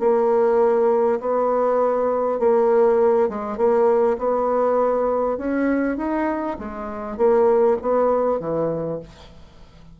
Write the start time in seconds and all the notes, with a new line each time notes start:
0.00 A#3
1.20 B3
2.39 A#3
3.29 G#3
3.57 A#3
4.18 B3
5.38 C#4
5.98 D#4
6.59 G#3
7.18 A#3
7.82 B3
8.40 E3